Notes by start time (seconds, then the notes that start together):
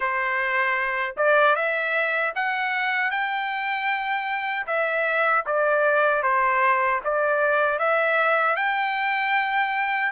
0.00 C5
1.17 D5
1.55 E5
2.35 F#5
3.10 G5
4.66 E5
5.45 D5
6.22 C5
7.04 D5
7.79 E5
8.56 G5